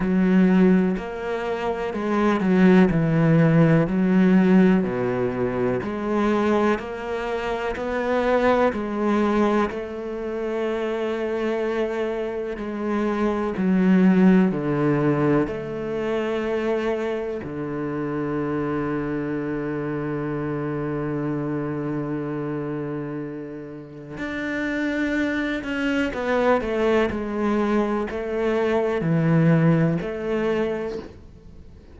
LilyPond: \new Staff \with { instrumentName = "cello" } { \time 4/4 \tempo 4 = 62 fis4 ais4 gis8 fis8 e4 | fis4 b,4 gis4 ais4 | b4 gis4 a2~ | a4 gis4 fis4 d4 |
a2 d2~ | d1~ | d4 d'4. cis'8 b8 a8 | gis4 a4 e4 a4 | }